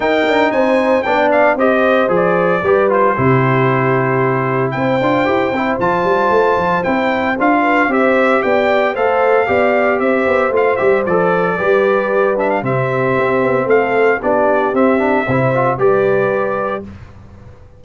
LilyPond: <<
  \new Staff \with { instrumentName = "trumpet" } { \time 4/4 \tempo 4 = 114 g''4 gis''4 g''8 f''8 dis''4 | d''4. c''2~ c''8~ | c''4 g''2 a''4~ | a''4 g''4 f''4 e''4 |
g''4 f''2 e''4 | f''8 e''8 d''2~ d''8 e''16 f''16 | e''2 f''4 d''4 | e''2 d''2 | }
  \new Staff \with { instrumentName = "horn" } { \time 4/4 ais'4 c''4 d''4 c''4~ | c''4 b'4 g'2~ | g'4 c''2.~ | c''2~ c''8 b'8 c''4 |
d''4 c''4 d''4 c''4~ | c''2 b'2 | g'2 a'4 g'4~ | g'4 c''4 b'2 | }
  \new Staff \with { instrumentName = "trombone" } { \time 4/4 dis'2 d'4 g'4 | gis'4 g'8 f'8 e'2~ | e'4. f'8 g'8 e'8 f'4~ | f'4 e'4 f'4 g'4~ |
g'4 a'4 g'2 | f'8 g'8 a'4 g'4. d'8 | c'2. d'4 | c'8 d'8 e'8 f'8 g'2 | }
  \new Staff \with { instrumentName = "tuba" } { \time 4/4 dis'8 d'8 c'4 b4 c'4 | f4 g4 c2~ | c4 c'8 d'8 e'8 c'8 f8 g8 | a8 f8 c'4 d'4 c'4 |
b4 a4 b4 c'8 b8 | a8 g8 f4 g2 | c4 c'8 b8 a4 b4 | c'4 c4 g2 | }
>>